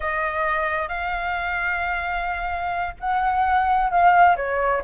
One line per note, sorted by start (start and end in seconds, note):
0.00 0.88 D#5
0.88 2.94 F5
3.00 3.90 F#5
3.90 4.36 F5
4.36 4.82 C#5